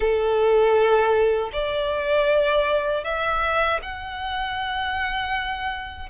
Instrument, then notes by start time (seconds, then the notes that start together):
violin
0.00 A4
1.52 D5
3.04 E5
3.82 F#5